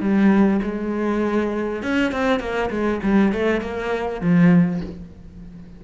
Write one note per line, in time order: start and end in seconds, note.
0.00 0.60 G3
0.63 1.83 G#3
1.83 2.12 C#4
2.12 2.40 C4
2.40 2.70 A#3
2.70 3.00 G#3
3.03 3.32 G3
3.32 3.61 A3
3.61 4.21 A#3
4.21 4.81 F3